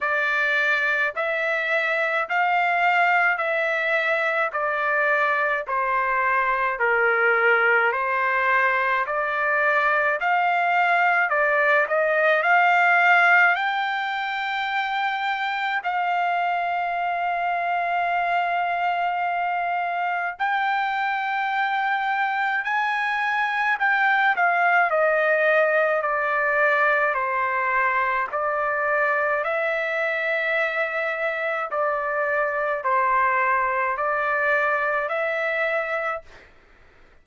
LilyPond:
\new Staff \with { instrumentName = "trumpet" } { \time 4/4 \tempo 4 = 53 d''4 e''4 f''4 e''4 | d''4 c''4 ais'4 c''4 | d''4 f''4 d''8 dis''8 f''4 | g''2 f''2~ |
f''2 g''2 | gis''4 g''8 f''8 dis''4 d''4 | c''4 d''4 e''2 | d''4 c''4 d''4 e''4 | }